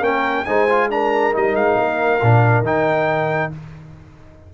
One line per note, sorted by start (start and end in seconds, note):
0.00 0.43 A#3
0.00 0.45 C#4
0.00 0.46 A#4
0.00 0.45 G5
0.45 1.35 G#3
0.45 0.68 D#4
0.45 0.90 C5
0.45 0.88 G#5
0.69 0.90 F4
0.90 1.32 D4
0.90 3.53 A#4
0.90 1.34 A#5
1.32 1.54 G3
1.32 2.19 D#4
1.32 1.55 D#5
1.54 1.76 G#3
1.54 2.64 F5
1.76 2.20 A#3
2.22 2.61 A#2
2.22 2.64 D4
2.61 3.48 D#3
2.61 3.51 D#4
2.61 3.52 G5